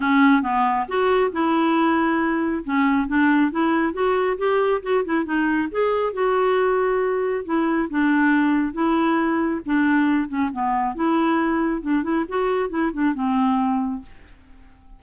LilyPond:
\new Staff \with { instrumentName = "clarinet" } { \time 4/4 \tempo 4 = 137 cis'4 b4 fis'4 e'4~ | e'2 cis'4 d'4 | e'4 fis'4 g'4 fis'8 e'8 | dis'4 gis'4 fis'2~ |
fis'4 e'4 d'2 | e'2 d'4. cis'8 | b4 e'2 d'8 e'8 | fis'4 e'8 d'8 c'2 | }